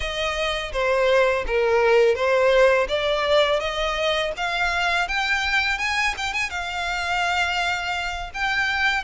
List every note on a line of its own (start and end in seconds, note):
0.00 0.72 D#5
0.72 1.45 C5
1.47 2.15 A#4
2.15 2.87 C5
2.88 3.59 D5
3.59 4.32 D#5
4.36 5.08 F5
5.08 5.78 G5
5.78 6.14 G#5
6.17 6.33 G5
6.33 6.50 G#5
6.50 8.30 F5
8.34 9.03 G5